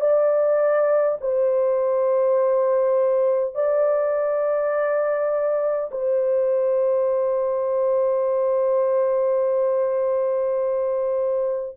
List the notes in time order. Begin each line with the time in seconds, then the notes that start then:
0.00 D5
1.20 C5
3.55 D5
5.91 C5